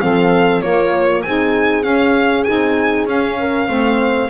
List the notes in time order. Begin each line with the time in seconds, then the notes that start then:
0.00 F3 C4 A4 F5
0.61 A#3 F4 C#5
1.22 C4 D#4 G#4 G#5
1.83 C#4 F5
2.44 C4 D#4 G#5
3.06 C#4 F5
3.39 A#4
3.68 A3 C4 C5